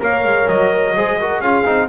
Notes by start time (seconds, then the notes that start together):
0.00 A#3 A#4 C#5 F5
0.25 G#3
0.49 F#3 D#5
0.96 G#3 G#4 C5
1.20 F#4 A#4
1.41 C#4 F4 G#4 F5
1.65 C4 D#4